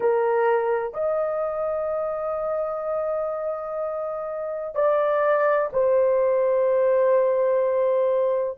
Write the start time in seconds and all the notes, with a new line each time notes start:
0.00 A#4
0.93 D#5
4.74 D5
5.72 C5